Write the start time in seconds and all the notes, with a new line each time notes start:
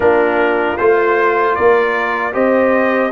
0.00 A#3 D4 F4 A#4
0.77 A3 F4 C5
1.55 A#3 A#4 D5
2.32 C4 G4 C5 D#5